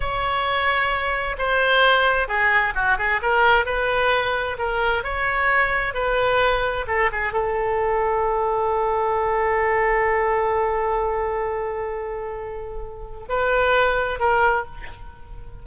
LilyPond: \new Staff \with { instrumentName = "oboe" } { \time 4/4 \tempo 4 = 131 cis''2. c''4~ | c''4 gis'4 fis'8 gis'8 ais'4 | b'2 ais'4 cis''4~ | cis''4 b'2 a'8 gis'8 |
a'1~ | a'1~ | a'1~ | a'4 b'2 ais'4 | }